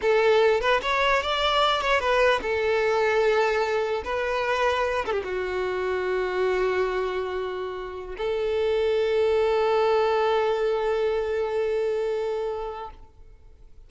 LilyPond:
\new Staff \with { instrumentName = "violin" } { \time 4/4 \tempo 4 = 149 a'4. b'8 cis''4 d''4~ | d''8 cis''8 b'4 a'2~ | a'2 b'2~ | b'8 a'16 g'16 fis'2.~ |
fis'1~ | fis'16 a'2.~ a'8.~ | a'1~ | a'1 | }